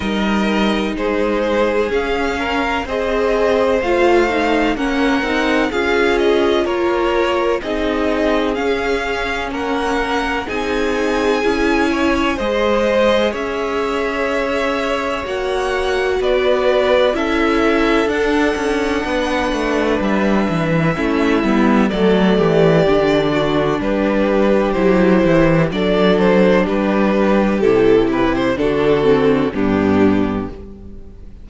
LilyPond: <<
  \new Staff \with { instrumentName = "violin" } { \time 4/4 \tempo 4 = 63 dis''4 c''4 f''4 dis''4 | f''4 fis''4 f''8 dis''8 cis''4 | dis''4 f''4 fis''4 gis''4~ | gis''4 dis''4 e''2 |
fis''4 d''4 e''4 fis''4~ | fis''4 e''2 d''4~ | d''4 b'4 c''4 d''8 c''8 | b'4 a'8 b'16 c''16 a'4 g'4 | }
  \new Staff \with { instrumentName = "violin" } { \time 4/4 ais'4 gis'4. ais'8 c''4~ | c''4 ais'4 gis'4 ais'4 | gis'2 ais'4 gis'4~ | gis'8 cis''8 c''4 cis''2~ |
cis''4 b'4 a'2 | b'2 e'4 a'8 g'8~ | g'8 fis'8 g'2 a'4 | g'2 fis'4 d'4 | }
  \new Staff \with { instrumentName = "viola" } { \time 4/4 dis'2 cis'4 gis'4 | f'8 dis'8 cis'8 dis'8 f'2 | dis'4 cis'2 dis'4 | e'4 gis'2. |
fis'2 e'4 d'4~ | d'2 cis'8 b8 a4 | d'2 e'4 d'4~ | d'4 e'4 d'8 c'8 b4 | }
  \new Staff \with { instrumentName = "cello" } { \time 4/4 g4 gis4 cis'4 c'4 | a4 ais8 c'8 cis'4 ais4 | c'4 cis'4 ais4 c'4 | cis'4 gis4 cis'2 |
ais4 b4 cis'4 d'8 cis'8 | b8 a8 g8 e8 a8 g8 fis8 e8 | d4 g4 fis8 e8 fis4 | g4 c4 d4 g,4 | }
>>